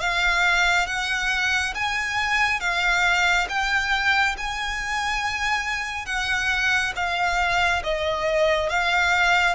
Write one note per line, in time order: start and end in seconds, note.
0.00 0.87 F5
0.87 1.74 F#5
1.74 2.60 G#5
2.60 3.47 F5
3.49 4.36 G5
4.37 6.06 G#5
6.06 6.93 F#5
6.96 7.83 F5
7.83 8.69 D#5
8.69 9.55 F5